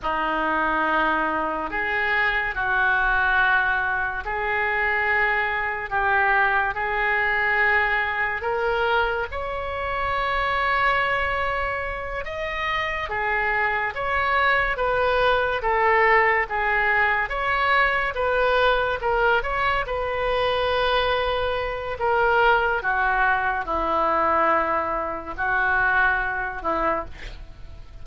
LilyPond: \new Staff \with { instrumentName = "oboe" } { \time 4/4 \tempo 4 = 71 dis'2 gis'4 fis'4~ | fis'4 gis'2 g'4 | gis'2 ais'4 cis''4~ | cis''2~ cis''8 dis''4 gis'8~ |
gis'8 cis''4 b'4 a'4 gis'8~ | gis'8 cis''4 b'4 ais'8 cis''8 b'8~ | b'2 ais'4 fis'4 | e'2 fis'4. e'8 | }